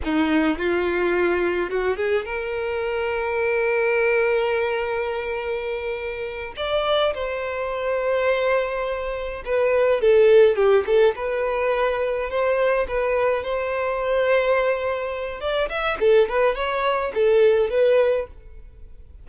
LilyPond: \new Staff \with { instrumentName = "violin" } { \time 4/4 \tempo 4 = 105 dis'4 f'2 fis'8 gis'8 | ais'1~ | ais'2.~ ais'8 d''8~ | d''8 c''2.~ c''8~ |
c''8 b'4 a'4 g'8 a'8 b'8~ | b'4. c''4 b'4 c''8~ | c''2. d''8 e''8 | a'8 b'8 cis''4 a'4 b'4 | }